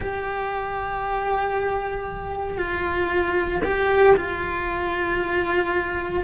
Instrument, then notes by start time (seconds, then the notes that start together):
cello
0.00 G4
2.57 F4
3.64 G4
4.16 F4